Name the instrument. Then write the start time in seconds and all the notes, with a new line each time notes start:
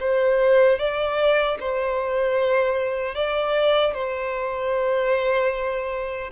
violin
0.00 C5
0.79 D5
1.60 C5
3.15 D5
3.94 C5